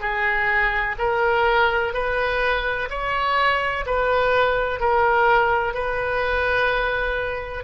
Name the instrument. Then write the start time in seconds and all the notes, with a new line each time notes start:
oboe
0.00 G#4
0.98 A#4
1.94 B4
2.90 C#5
3.86 B4
4.80 A#4
5.74 B4